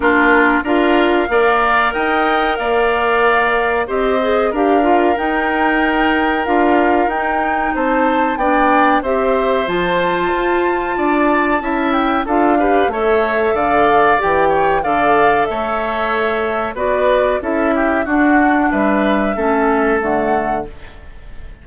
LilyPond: <<
  \new Staff \with { instrumentName = "flute" } { \time 4/4 \tempo 4 = 93 ais'4 f''2 g''4 | f''2 dis''4 f''4 | g''2 f''4 g''4 | a''4 g''4 e''4 a''4~ |
a''2~ a''8 g''8 f''4 | e''4 f''4 g''4 f''4 | e''2 d''4 e''4 | fis''4 e''2 fis''4 | }
  \new Staff \with { instrumentName = "oboe" } { \time 4/4 f'4 ais'4 d''4 dis''4 | d''2 c''4 ais'4~ | ais'1 | c''4 d''4 c''2~ |
c''4 d''4 e''4 a'8 b'8 | cis''4 d''4. cis''8 d''4 | cis''2 b'4 a'8 g'8 | fis'4 b'4 a'2 | }
  \new Staff \with { instrumentName = "clarinet" } { \time 4/4 d'4 f'4 ais'2~ | ais'2 g'8 gis'8 g'8 f'8 | dis'2 f'4 dis'4~ | dis'4 d'4 g'4 f'4~ |
f'2 e'4 f'8 g'8 | a'2 g'4 a'4~ | a'2 fis'4 e'4 | d'2 cis'4 a4 | }
  \new Staff \with { instrumentName = "bassoon" } { \time 4/4 ais4 d'4 ais4 dis'4 | ais2 c'4 d'4 | dis'2 d'4 dis'4 | c'4 b4 c'4 f4 |
f'4 d'4 cis'4 d'4 | a4 d4 e4 d4 | a2 b4 cis'4 | d'4 g4 a4 d4 | }
>>